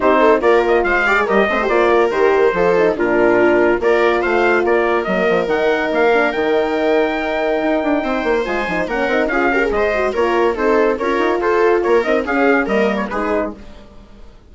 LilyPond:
<<
  \new Staff \with { instrumentName = "trumpet" } { \time 4/4 \tempo 4 = 142 c''4 d''8 dis''8 f''4 dis''4 | d''4 c''2 ais'4~ | ais'4 d''4 f''4 d''4 | dis''4 fis''4 f''4 g''4~ |
g''1 | gis''4 fis''4 f''4 dis''4 | cis''4 c''4 cis''4 c''4 | cis''8 dis''8 f''4 dis''8. cis''16 b'4 | }
  \new Staff \with { instrumentName = "viola" } { \time 4/4 g'8 a'8 ais'4 c''8 d''8 g'8 c''8~ | c''8 ais'4. a'4 f'4~ | f'4 ais'4 c''4 ais'4~ | ais'1~ |
ais'2. c''4~ | c''4 ais'4 gis'8 ais'8 c''4 | ais'4 a'4 ais'4 a'4 | ais'4 gis'4 ais'4 gis'4 | }
  \new Staff \with { instrumentName = "horn" } { \time 4/4 dis'4 f'4. g'16 gis'16 ais'8 c'16 g'16 | f'4 g'4 f'8 dis'8 d'4~ | d'4 f'2. | ais4 dis'4. d'8 dis'4~ |
dis'1 | f'8 dis'8 cis'8 dis'8 f'8 g'16 gis'8. fis'8 | f'4 dis'4 f'2~ | f'8 dis'8 cis'4 ais4 dis'4 | }
  \new Staff \with { instrumentName = "bassoon" } { \time 4/4 c'4 ais4 gis4 g8 a8 | ais4 dis4 f4 ais,4~ | ais,4 ais4 a4 ais4 | fis8 f8 dis4 ais4 dis4~ |
dis2 dis'8 d'8 c'8 ais8 | gis8 f8 ais8 c'8 cis'4 gis4 | ais4 c'4 cis'8 dis'8 f'4 | ais8 c'8 cis'4 g4 gis4 | }
>>